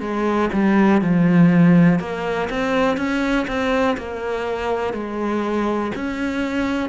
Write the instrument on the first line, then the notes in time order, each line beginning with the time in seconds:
cello
0.00 G#3
0.53 G3
1.01 F3
1.99 A#3
2.49 C4
2.97 C#4
3.47 C4
3.97 A#3
4.93 G#3
5.95 C#4